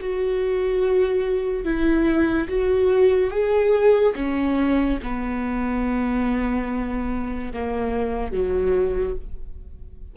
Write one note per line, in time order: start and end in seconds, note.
0.00 1.64 F#4
1.64 2.48 E4
2.48 3.30 F#4
3.30 4.14 G#4
4.16 4.99 C#4
5.03 7.53 B3
7.53 8.32 A#3
8.32 9.15 F#3